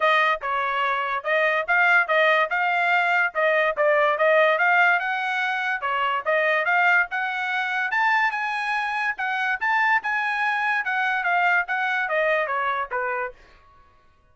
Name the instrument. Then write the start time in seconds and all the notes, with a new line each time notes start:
trumpet
0.00 D#5
0.41 C#5
1.23 D#5
1.67 F5
2.07 D#5
2.50 F5
3.34 D#5
3.76 D5
4.18 D#5
4.58 F5
4.99 F#5
5.81 C#5
6.25 D#5
6.65 F5
7.10 F#5
7.91 A5
8.31 G#5
9.17 F#5
9.60 A5
10.02 G#5
10.84 F#5
11.23 F5
11.67 F#5
12.08 D#5
12.46 C#5
12.91 B4